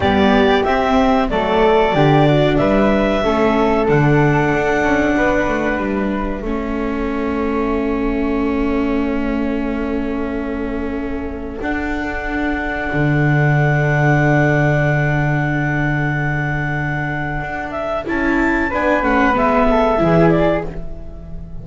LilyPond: <<
  \new Staff \with { instrumentName = "clarinet" } { \time 4/4 \tempo 4 = 93 d''4 e''4 d''2 | e''2 fis''2~ | fis''4 e''2.~ | e''1~ |
e''2 fis''2~ | fis''1~ | fis''2.~ fis''8 e''8 | a''4 gis''8 fis''8 e''4. d''8 | }
  \new Staff \with { instrumentName = "flute" } { \time 4/4 g'2 a'4 g'8 fis'8 | b'4 a'2. | b'2 a'2~ | a'1~ |
a'1~ | a'1~ | a'1~ | a'4 b'4. a'8 gis'4 | }
  \new Staff \with { instrumentName = "viola" } { \time 4/4 b4 c'4 a4 d'4~ | d'4 cis'4 d'2~ | d'2 cis'2~ | cis'1~ |
cis'2 d'2~ | d'1~ | d'1 | e'4 d'8 cis'8 b4 e'4 | }
  \new Staff \with { instrumentName = "double bass" } { \time 4/4 g4 c'4 fis4 d4 | g4 a4 d4 d'8 cis'8 | b8 a8 g4 a2~ | a1~ |
a2 d'2 | d1~ | d2. d'4 | cis'4 b8 a8 gis4 e4 | }
>>